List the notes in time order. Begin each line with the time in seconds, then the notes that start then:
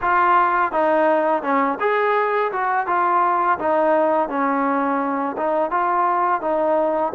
0.01 F4
0.71 D#4
1.43 C#4
1.80 G#4
2.52 F#4
2.86 F4
3.58 D#4
4.29 C#4
5.37 D#4
5.70 F4
6.41 D#4